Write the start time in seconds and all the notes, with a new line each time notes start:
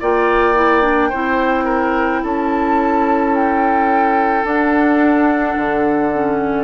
0.00 A#3 F4 D5 G5
0.55 E4
0.82 D4
1.09 C4 E4 C5
1.64 A#4
2.23 C#4 A4 A5
3.35 G5
4.44 D4 F#5
5.56 D3
6.13 C#4